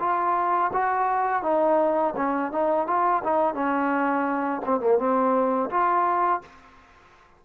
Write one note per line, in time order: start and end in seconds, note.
0.00 0.71 F4
0.74 1.43 F#4
1.43 2.15 D#4
2.17 2.52 C#4
2.52 2.87 D#4
2.87 3.23 F4
3.24 3.55 D#4
3.55 4.62 C#4
4.66 4.81 C4
4.81 4.98 A#3
4.99 5.70 C4
5.70 6.42 F4